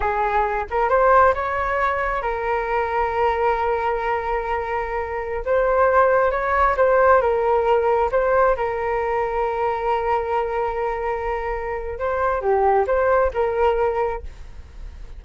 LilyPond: \new Staff \with { instrumentName = "flute" } { \time 4/4 \tempo 4 = 135 gis'4. ais'8 c''4 cis''4~ | cis''4 ais'2.~ | ais'1~ | ais'16 c''2 cis''4 c''8.~ |
c''16 ais'2 c''4 ais'8.~ | ais'1~ | ais'2. c''4 | g'4 c''4 ais'2 | }